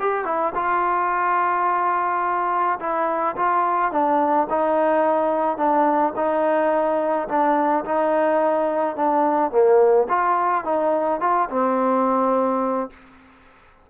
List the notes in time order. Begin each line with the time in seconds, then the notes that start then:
0.00 G4
0.25 E4
0.55 F4
2.80 E4
3.36 F4
3.92 D4
4.50 D#4
5.57 D4
6.16 D#4
7.28 D4
7.85 D#4
8.96 D4
9.51 A#3
10.09 F4
10.65 D#4
11.21 F4
11.50 C4